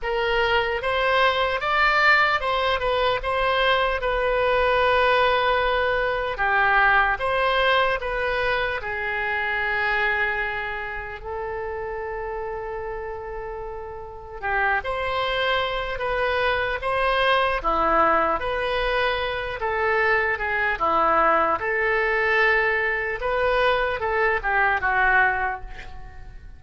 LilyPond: \new Staff \with { instrumentName = "oboe" } { \time 4/4 \tempo 4 = 75 ais'4 c''4 d''4 c''8 b'8 | c''4 b'2. | g'4 c''4 b'4 gis'4~ | gis'2 a'2~ |
a'2 g'8 c''4. | b'4 c''4 e'4 b'4~ | b'8 a'4 gis'8 e'4 a'4~ | a'4 b'4 a'8 g'8 fis'4 | }